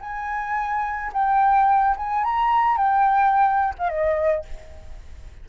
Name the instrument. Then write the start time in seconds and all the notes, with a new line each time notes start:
flute
0.00 G#5
1.13 G5
1.97 G#5
2.24 A#5
2.77 G5
3.78 F5
3.89 D#5